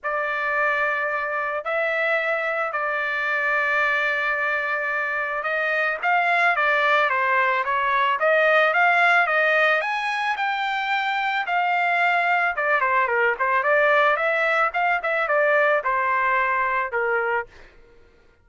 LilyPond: \new Staff \with { instrumentName = "trumpet" } { \time 4/4 \tempo 4 = 110 d''2. e''4~ | e''4 d''2.~ | d''2 dis''4 f''4 | d''4 c''4 cis''4 dis''4 |
f''4 dis''4 gis''4 g''4~ | g''4 f''2 d''8 c''8 | ais'8 c''8 d''4 e''4 f''8 e''8 | d''4 c''2 ais'4 | }